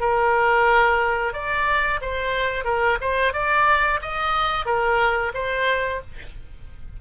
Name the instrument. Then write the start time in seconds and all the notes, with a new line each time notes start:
oboe
0.00 A#4
1.33 D5
2.02 C5
2.65 A#4
3.01 C5
3.33 D5
4.02 D#5
4.65 A#4
5.34 C5